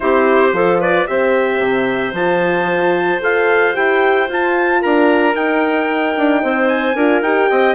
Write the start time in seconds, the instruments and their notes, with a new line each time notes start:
0.00 bassoon C4, horn E4, clarinet G4, trumpet C5
0.53 bassoon F3, horn F4, clarinet A4
0.80 clarinet B4, trumpet D5
1.07 bassoon C4, horn G4, clarinet C5, trumpet E5
1.59 bassoon C3
2.12 bassoon F3, horn F4, trumpet A5
3.20 bassoon F4, horn A4, trumpet F5
3.73 bassoon E4, horn G4, trumpet G5
4.28 horn F4, bassoon F4, trumpet A5
4.81 bassoon D4, clarinet A#4, trumpet A#5
5.34 bassoon D#4, horn D#4, trumpet G5
6.17 bassoon D4
6.42 bassoon C4, clarinet C5
6.68 trumpet G#5
6.95 bassoon D4, horn F4, clarinet A#4
7.21 bassoon D#4, horn G4, trumpet G5
7.49 bassoon C4, clarinet D#5